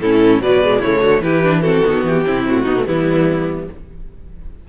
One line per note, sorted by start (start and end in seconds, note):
0.00 0.40 A2
0.00 0.42 C#4
0.00 0.42 E4
0.00 0.41 A4
0.40 0.81 B2
0.40 0.61 F#3
0.40 0.79 B4
0.40 0.81 D5
0.61 0.81 G#3
0.79 1.01 C#3
0.79 1.23 A3
0.79 0.99 E4
0.79 1.21 C#5
1.00 1.20 D3
1.00 1.21 F#4
1.20 1.82 E3
1.20 1.43 E4
1.20 1.62 G4
1.20 1.60 B4
1.43 1.63 D4
1.60 1.84 C4
1.60 2.23 F#4
1.60 2.01 A4
1.84 2.04 D#3
1.84 2.25 B3
2.04 2.24 E3
2.04 2.47 G4
2.25 2.46 C3
2.25 2.66 C4
2.25 2.62 E4
2.46 2.66 A2
2.46 2.87 F#4
2.62 2.76 B3
2.62 2.83 D#4
2.69 2.86 B2
2.76 2.86 A3
2.86 3.68 E3
2.86 3.67 G3
2.86 3.68 B3
2.86 3.68 E4